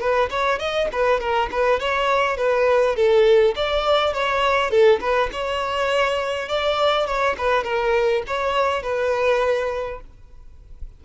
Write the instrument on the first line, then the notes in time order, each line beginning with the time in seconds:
violin
0.00 B4
0.30 C#5
0.59 D#5
0.92 B4
1.20 A#4
1.51 B4
1.80 C#5
2.37 B4
2.96 A4
3.56 D5
4.13 C#5
4.70 A4
5.00 B4
5.32 C#5
6.48 D5
7.06 C#5
7.37 B4
7.64 A#4
8.27 C#5
8.82 B4